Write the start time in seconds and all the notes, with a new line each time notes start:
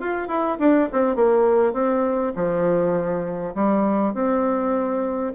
0.00 F4
0.28 E4
0.59 D4
0.92 C4
1.16 A#3
1.73 C4
2.36 F3
3.55 G3
4.14 C4